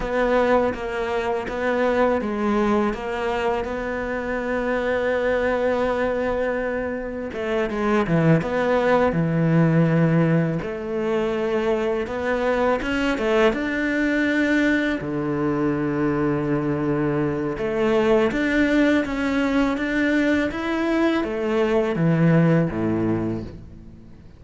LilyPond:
\new Staff \with { instrumentName = "cello" } { \time 4/4 \tempo 4 = 82 b4 ais4 b4 gis4 | ais4 b2.~ | b2 a8 gis8 e8 b8~ | b8 e2 a4.~ |
a8 b4 cis'8 a8 d'4.~ | d'8 d2.~ d8 | a4 d'4 cis'4 d'4 | e'4 a4 e4 a,4 | }